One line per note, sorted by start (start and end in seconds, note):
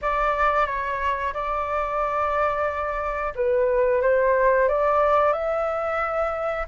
0.02 0.66 D5
0.66 1.33 C#5
1.33 3.33 D5
3.35 4.02 B4
4.02 4.68 C5
4.68 5.32 D5
5.32 6.66 E5